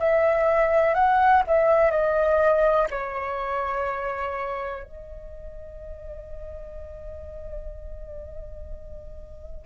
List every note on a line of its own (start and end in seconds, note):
0.00 0.95 E5
0.95 1.43 F#5
1.47 1.91 E5
1.91 2.88 D#5
2.91 4.84 C#5
4.84 9.66 D#5